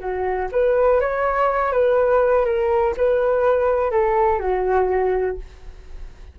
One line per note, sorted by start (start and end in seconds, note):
0.00 0.49 F#4
0.52 1.01 B4
1.01 1.73 C#5
1.73 2.46 B4
2.46 2.95 A#4
2.97 3.92 B4
3.92 4.40 A4
4.40 5.37 F#4